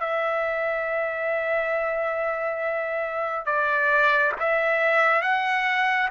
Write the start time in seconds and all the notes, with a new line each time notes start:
0.00 E5
3.45 D5
4.39 E5
5.22 F#5